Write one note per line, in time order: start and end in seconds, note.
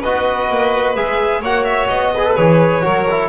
0.00 0.50 B3
0.00 0.96 F#4
0.00 1.41 B4
0.00 0.96 D#5
0.50 0.97 A#3
0.96 1.42 G#3
0.96 1.43 G#4
0.96 1.43 E5
1.41 1.89 A#3
1.41 2.15 F#4
1.41 2.12 C#5
1.41 1.64 F#5
1.64 1.88 E5
1.88 2.37 B3
1.88 2.35 D#5
2.15 2.27 G#4
2.15 2.85 B4
2.27 2.38 A4
2.36 2.85 E3
2.36 2.82 G#4
2.36 3.29 C#5
2.82 3.29 F#3
2.82 3.05 F#4
2.82 3.29 A#4
3.11 3.29 E4